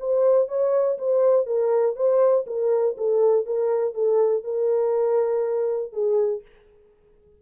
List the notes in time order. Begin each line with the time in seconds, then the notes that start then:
0.00 C5
0.49 C#5
0.98 C5
1.47 A#4
1.96 C5
2.47 A#4
2.98 A4
3.46 A#4
3.94 A4
4.44 A#4
5.93 G#4